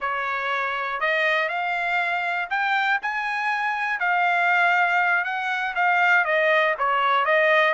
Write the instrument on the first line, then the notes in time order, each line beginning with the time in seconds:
trumpet
0.00 C#5
1.00 D#5
1.49 F5
2.50 G5
3.02 G#5
3.99 F5
5.24 F#5
5.75 F5
6.25 D#5
6.78 C#5
7.25 D#5